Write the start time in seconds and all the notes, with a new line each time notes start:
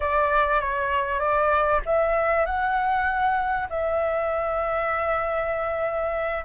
0.00 D5
0.60 C#5
1.19 D5
1.85 E5
2.45 F#5
3.69 E5